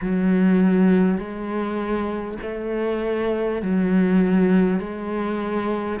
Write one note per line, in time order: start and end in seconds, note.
0.01 1.17 F#3
1.17 2.37 G#3
2.42 3.62 A3
3.62 4.79 F#3
4.79 5.99 G#3